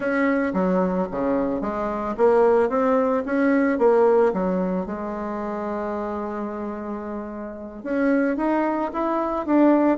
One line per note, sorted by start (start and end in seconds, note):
0.00 0.52 C#4
0.53 1.07 F#3
1.11 1.61 C#3
1.61 2.15 G#3
2.17 2.69 A#3
2.69 3.23 C4
3.25 3.78 C#4
3.78 4.32 A#3
4.33 4.86 F#3
4.86 7.83 G#3
7.83 8.37 C#4
8.37 8.91 D#4
8.93 9.46 E4
9.46 9.98 D4